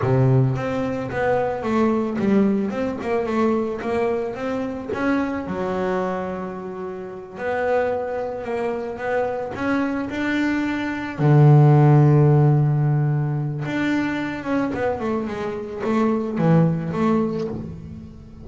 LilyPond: \new Staff \with { instrumentName = "double bass" } { \time 4/4 \tempo 4 = 110 c4 c'4 b4 a4 | g4 c'8 ais8 a4 ais4 | c'4 cis'4 fis2~ | fis4. b2 ais8~ |
ais8 b4 cis'4 d'4.~ | d'8 d2.~ d8~ | d4 d'4. cis'8 b8 a8 | gis4 a4 e4 a4 | }